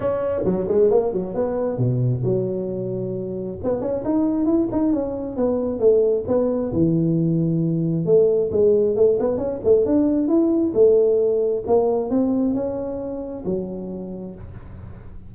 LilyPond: \new Staff \with { instrumentName = "tuba" } { \time 4/4 \tempo 4 = 134 cis'4 fis8 gis8 ais8 fis8 b4 | b,4 fis2. | b8 cis'8 dis'4 e'8 dis'8 cis'4 | b4 a4 b4 e4~ |
e2 a4 gis4 | a8 b8 cis'8 a8 d'4 e'4 | a2 ais4 c'4 | cis'2 fis2 | }